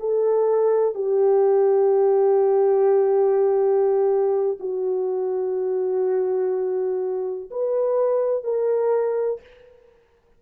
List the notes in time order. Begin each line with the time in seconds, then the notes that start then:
0.00 A4
0.95 G4
4.60 F#4
7.51 B4
8.44 A#4